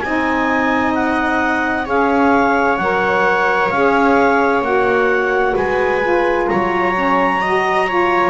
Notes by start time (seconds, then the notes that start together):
0.00 C4 D#4 D#5 G#5
0.94 F#5
1.85 C#4 G#4 C#5 F5
2.77 F#3 A#4 F#5
3.69 C#4 G#4 F5
4.61 A#3 F#4 F#5
5.55 G#3 B4 G#5
6.01 F4
6.47 F#3 C#5 A#5
6.94 C#4
7.41 F#4 D#5
7.88 F4 C#5